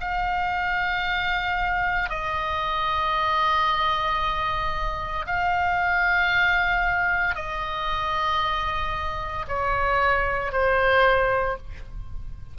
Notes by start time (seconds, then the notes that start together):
0.00 F5
2.09 D#5
5.26 F5
7.35 D#5
9.47 C#5
10.52 C5